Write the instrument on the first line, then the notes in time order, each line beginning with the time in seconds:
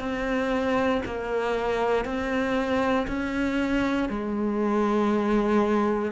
cello
0.00 C4
1.05 A#3
2.05 C4
3.07 C#4
4.09 G#3